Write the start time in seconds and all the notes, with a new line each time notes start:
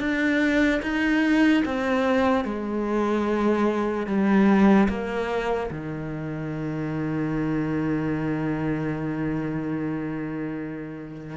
0.00 D4
0.83 D#4
1.65 C4
2.45 G#3
4.07 G3
4.89 A#3
5.71 D#3